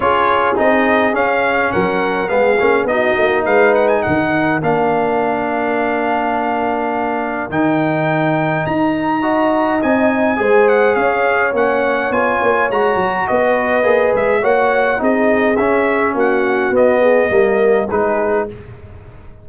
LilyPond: <<
  \new Staff \with { instrumentName = "trumpet" } { \time 4/4 \tempo 4 = 104 cis''4 dis''4 f''4 fis''4 | f''4 dis''4 f''8 fis''16 gis''16 fis''4 | f''1~ | f''4 g''2 ais''4~ |
ais''4 gis''4. fis''8 f''4 | fis''4 gis''4 ais''4 dis''4~ | dis''8 e''8 fis''4 dis''4 e''4 | fis''4 dis''2 b'4 | }
  \new Staff \with { instrumentName = "horn" } { \time 4/4 gis'2. ais'4 | gis'4 fis'4 b'4 ais'4~ | ais'1~ | ais'1 |
dis''2 c''4 cis''4~ | cis''2. b'4~ | b'4 cis''4 gis'2 | fis'4. gis'8 ais'4 gis'4 | }
  \new Staff \with { instrumentName = "trombone" } { \time 4/4 f'4 dis'4 cis'2 | b8 cis'8 dis'2. | d'1~ | d'4 dis'2. |
fis'4 dis'4 gis'2 | cis'4 f'4 fis'2 | gis'4 fis'4 dis'4 cis'4~ | cis'4 b4 ais4 dis'4 | }
  \new Staff \with { instrumentName = "tuba" } { \time 4/4 cis'4 c'4 cis'4 fis4 | gis8 ais8 b8 ais8 gis4 dis4 | ais1~ | ais4 dis2 dis'4~ |
dis'4 c'4 gis4 cis'4 | ais4 b8 ais8 gis8 fis8 b4 | ais8 gis8 ais4 c'4 cis'4 | ais4 b4 g4 gis4 | }
>>